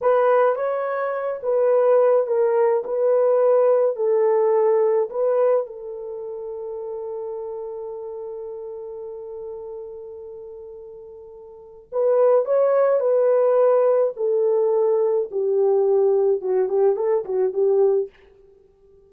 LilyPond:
\new Staff \with { instrumentName = "horn" } { \time 4/4 \tempo 4 = 106 b'4 cis''4. b'4. | ais'4 b'2 a'4~ | a'4 b'4 a'2~ | a'1~ |
a'1~ | a'4 b'4 cis''4 b'4~ | b'4 a'2 g'4~ | g'4 fis'8 g'8 a'8 fis'8 g'4 | }